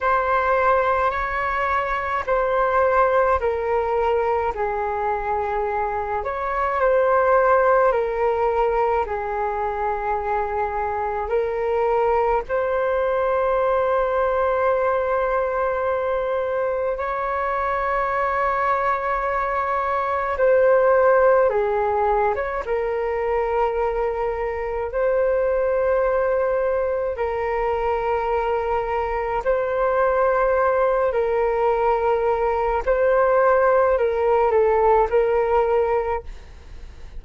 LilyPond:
\new Staff \with { instrumentName = "flute" } { \time 4/4 \tempo 4 = 53 c''4 cis''4 c''4 ais'4 | gis'4. cis''8 c''4 ais'4 | gis'2 ais'4 c''4~ | c''2. cis''4~ |
cis''2 c''4 gis'8. cis''16 | ais'2 c''2 | ais'2 c''4. ais'8~ | ais'4 c''4 ais'8 a'8 ais'4 | }